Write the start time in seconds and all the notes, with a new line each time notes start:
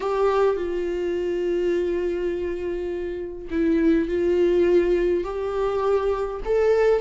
0.00 G4
0.56 F4
3.50 E4
4.08 F4
5.23 G4
6.44 A4